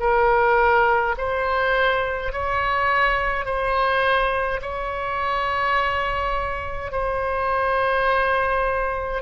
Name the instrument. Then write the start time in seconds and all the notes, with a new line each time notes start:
oboe
0.00 A#4
1.17 C5
2.33 C#5
3.45 C5
4.62 C#5
6.92 C5